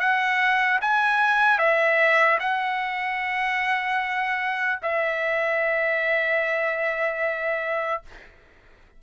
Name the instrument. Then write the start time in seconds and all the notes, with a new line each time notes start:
trumpet
0.00 F#5
0.81 G#5
1.59 E5
2.40 F#5
4.83 E5